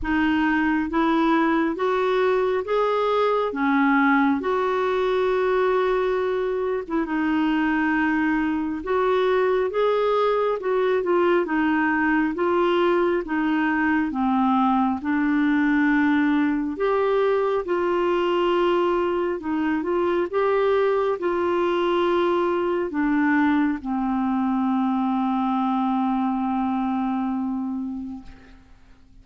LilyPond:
\new Staff \with { instrumentName = "clarinet" } { \time 4/4 \tempo 4 = 68 dis'4 e'4 fis'4 gis'4 | cis'4 fis'2~ fis'8. e'16 | dis'2 fis'4 gis'4 | fis'8 f'8 dis'4 f'4 dis'4 |
c'4 d'2 g'4 | f'2 dis'8 f'8 g'4 | f'2 d'4 c'4~ | c'1 | }